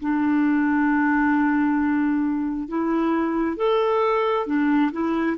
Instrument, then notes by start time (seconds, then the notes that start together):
clarinet
0.00 D4
2.68 E4
3.57 A4
4.47 D4
4.92 E4